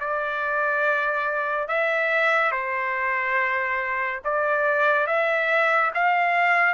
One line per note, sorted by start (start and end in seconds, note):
0.00 1.68 D5
1.68 2.52 E5
2.52 4.21 C5
4.24 5.07 D5
5.07 5.92 E5
5.95 6.74 F5